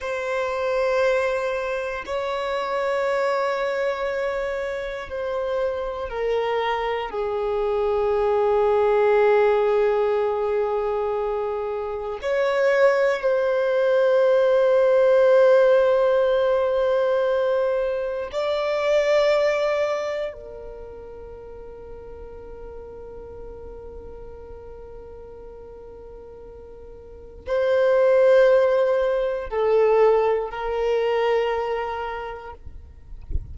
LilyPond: \new Staff \with { instrumentName = "violin" } { \time 4/4 \tempo 4 = 59 c''2 cis''2~ | cis''4 c''4 ais'4 gis'4~ | gis'1 | cis''4 c''2.~ |
c''2 d''2 | ais'1~ | ais'2. c''4~ | c''4 a'4 ais'2 | }